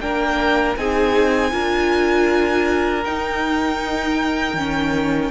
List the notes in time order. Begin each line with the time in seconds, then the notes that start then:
0.00 A#3 D4 A#4 G5
0.77 C4 D#4 G#4 G#5
1.52 D4 F4 A#4
3.04 D#4 G5
4.54 D#3 C#4